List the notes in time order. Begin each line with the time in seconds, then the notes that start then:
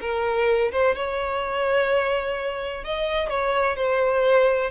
0.00 A#4
0.71 C5
0.95 C#5
2.84 D#5
3.29 C#5
3.76 C5